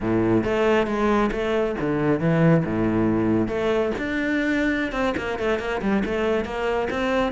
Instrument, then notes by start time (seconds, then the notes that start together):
cello
0.00 A2
0.44 A3
0.86 G#3
1.31 A3
1.80 D3
2.20 E3
2.65 A2
3.48 A3
3.98 D4
4.92 C4
5.17 A#3
5.38 A3
5.59 A#3
5.81 G3
6.05 A3
6.44 A#3
6.90 C4